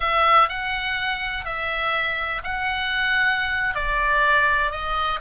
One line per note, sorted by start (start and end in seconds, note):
0.00 0.48 E5
0.48 1.45 F#5
1.45 2.41 E5
2.43 3.74 F#5
3.74 4.71 D5
4.71 5.19 D#5